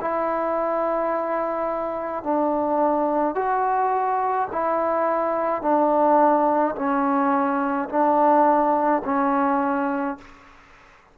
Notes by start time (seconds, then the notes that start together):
0.00 E4
2.23 D4
3.34 F#4
4.51 E4
5.61 D4
6.75 C#4
7.89 D4
9.04 C#4